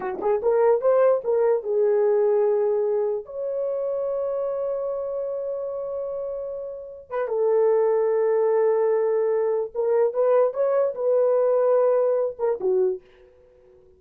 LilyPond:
\new Staff \with { instrumentName = "horn" } { \time 4/4 \tempo 4 = 148 fis'8 gis'8 ais'4 c''4 ais'4 | gis'1 | cis''1~ | cis''1~ |
cis''4. b'8 a'2~ | a'1 | ais'4 b'4 cis''4 b'4~ | b'2~ b'8 ais'8 fis'4 | }